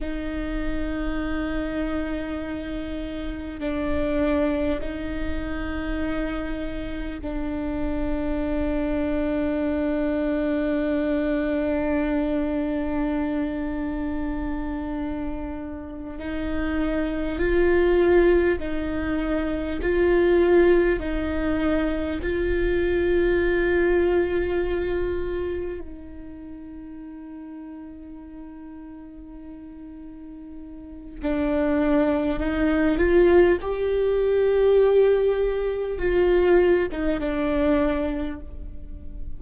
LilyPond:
\new Staff \with { instrumentName = "viola" } { \time 4/4 \tempo 4 = 50 dis'2. d'4 | dis'2 d'2~ | d'1~ | d'4. dis'4 f'4 dis'8~ |
dis'8 f'4 dis'4 f'4.~ | f'4. dis'2~ dis'8~ | dis'2 d'4 dis'8 f'8 | g'2 f'8. dis'16 d'4 | }